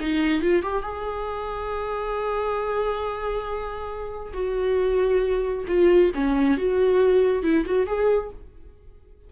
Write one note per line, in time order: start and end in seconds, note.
0.00 0.41 D#4
0.41 0.62 F4
0.62 0.82 G4
0.82 4.33 G#4
4.33 5.65 F#4
5.68 6.11 F4
6.14 6.57 C#4
6.57 7.43 F#4
7.43 7.64 E4
7.65 7.86 F#4
7.86 8.30 G#4